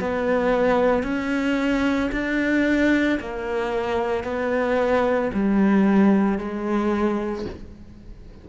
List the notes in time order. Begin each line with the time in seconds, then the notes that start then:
0.00 B3
1.03 C#4
2.12 D4
3.20 A#3
4.24 B3
5.34 G3
6.38 G#3